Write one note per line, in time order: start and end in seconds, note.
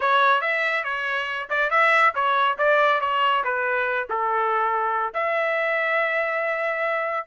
0.00 0.41 C#5
0.41 0.84 E5
0.84 1.48 C#5
1.49 1.70 D5
1.70 2.13 E5
2.14 2.57 C#5
2.58 3.00 D5
3.00 3.43 C#5
3.43 4.08 B4
4.09 5.13 A4
5.13 7.27 E5